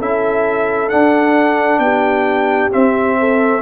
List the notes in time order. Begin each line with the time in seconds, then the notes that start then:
0.00 C#4 E4 A4 E5
0.89 D4 F#5
1.79 B3 G4 G5
2.72 C4 E5
3.19 A4